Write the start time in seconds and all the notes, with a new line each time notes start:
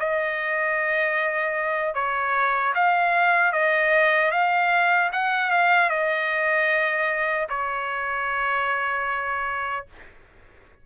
0.00 D#5
1.95 C#5
2.75 F5
3.53 D#5
4.32 F5
5.13 F#5
5.51 F5
5.90 D#5
7.50 C#5